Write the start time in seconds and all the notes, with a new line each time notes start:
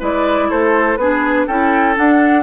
0.00 G#3 E4 B4 D5
0.50 A3 A4 C5
0.97 B3 D4 G#4 B4
1.47 C#4 E4 A4 G5
1.96 D4 F#5